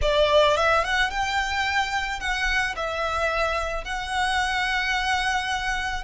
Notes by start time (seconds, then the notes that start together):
0.01 D5
0.57 E5
0.84 F#5
1.10 G5
2.20 F#5
2.75 E5
3.84 F#5